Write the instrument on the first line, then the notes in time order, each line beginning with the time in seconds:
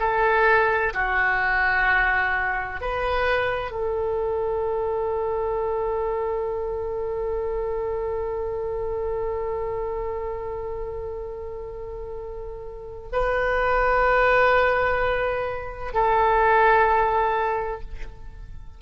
oboe
0.00 A4
0.94 F#4
2.81 B4
3.72 A4
13.13 B4
15.94 A4